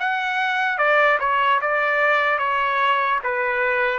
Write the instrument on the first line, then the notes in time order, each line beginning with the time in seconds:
trumpet
0.00 F#5
0.78 D5
1.20 C#5
1.61 D5
2.38 C#5
3.24 B4